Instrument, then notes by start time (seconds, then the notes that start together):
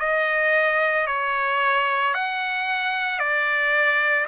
trumpet
0.00 D#5
1.08 C#5
2.15 F#5
3.19 D5